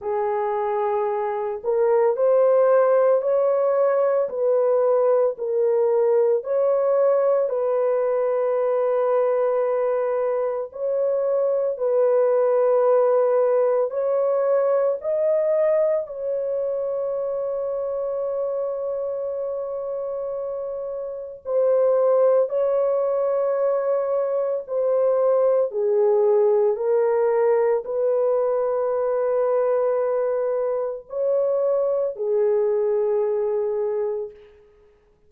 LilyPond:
\new Staff \with { instrumentName = "horn" } { \time 4/4 \tempo 4 = 56 gis'4. ais'8 c''4 cis''4 | b'4 ais'4 cis''4 b'4~ | b'2 cis''4 b'4~ | b'4 cis''4 dis''4 cis''4~ |
cis''1 | c''4 cis''2 c''4 | gis'4 ais'4 b'2~ | b'4 cis''4 gis'2 | }